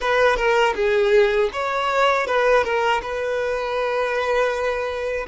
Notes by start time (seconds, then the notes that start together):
0.00 B4
0.36 A#4
0.75 G#4
1.52 C#5
2.27 B4
2.64 A#4
3.01 B4